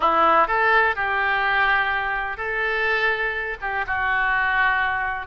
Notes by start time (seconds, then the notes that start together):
0.00 E4
0.47 A4
0.95 G4
2.37 A4
3.61 G4
3.86 F#4